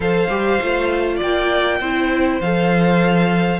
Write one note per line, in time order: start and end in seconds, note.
0.00 0.28 F3
0.00 0.29 A4
0.00 1.16 C5
0.00 1.20 F5
0.29 0.59 G3
0.29 0.59 G4
0.61 1.21 A3
0.61 1.82 F4
1.16 1.80 A#3
1.16 1.76 D5
1.16 2.41 G5
1.80 2.40 C4
1.80 2.42 E4
1.80 3.59 C5
2.40 3.59 F3
2.40 3.59 A4
2.40 3.59 F5